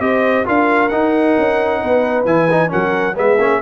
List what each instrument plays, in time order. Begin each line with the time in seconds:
0.00 tuba C4, trombone G4, horn C5, trumpet D#5
0.45 tuba D4, trombone F4, horn A#4, trumpet F5
0.89 tuba D#4, trombone D#4, trumpet F#5
1.38 tuba C#4
1.82 tuba B3, horn B4
2.25 tuba E3, trombone E4, trumpet G#5
2.51 trombone D#4
2.68 tuba F#3, trombone C#4, horn A#4, trumpet F#5
3.16 tuba G#3, trombone B3, horn G#4, trumpet E5
3.39 tuba A#3, trombone C#4